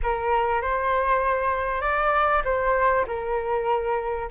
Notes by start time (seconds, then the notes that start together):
0.02 A#4
0.61 C5
1.81 D5
2.44 C5
3.07 A#4